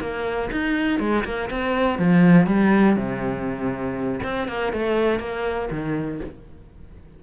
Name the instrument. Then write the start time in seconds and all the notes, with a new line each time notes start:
cello
0.00 A#3
0.51 D#4
0.99 G#3
1.24 A#3
1.50 C4
1.98 F3
2.46 G3
2.96 C3
4.23 C4
4.47 A#3
4.72 A3
5.19 A#3
5.70 D#3